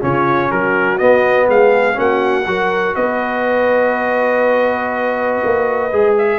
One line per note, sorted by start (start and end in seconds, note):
0.00 0.51 C#3
0.00 0.98 C#4
0.00 0.49 F4
0.00 0.51 C#5
0.49 1.00 F#3
0.49 1.47 F#4
0.49 0.98 A#4
0.98 1.94 B3
0.98 1.49 B3
0.98 1.47 D#5
1.48 1.98 G#3
1.48 1.97 G#4
1.48 1.99 F5
1.94 2.46 A#3
1.94 2.43 C#4
1.94 2.47 F#4
1.94 2.95 F#5
2.46 2.95 F#3
2.46 5.91 F#4
2.46 2.96 A#4
2.95 5.41 B3
2.95 6.38 B4
2.95 6.15 D#5
5.44 5.92 A#3
5.92 6.38 G#3
5.92 6.38 G#4
6.18 6.38 E5